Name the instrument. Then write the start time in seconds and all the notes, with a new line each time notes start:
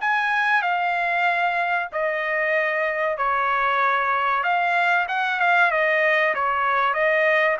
trumpet
0.00 G#5
0.62 F5
1.92 D#5
3.17 C#5
4.43 F5
5.08 F#5
5.39 F5
5.71 D#5
6.34 C#5
6.93 D#5